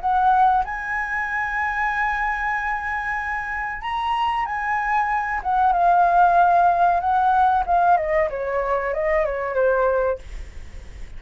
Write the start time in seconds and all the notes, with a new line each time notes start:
0.00 F#5
0.64 G#5
3.81 A#5
4.45 G#5
5.43 F#5
5.72 F5
7.00 F#5
7.66 F5
7.97 D#5
8.29 C#5
8.93 D#5
9.25 C#5
9.54 C5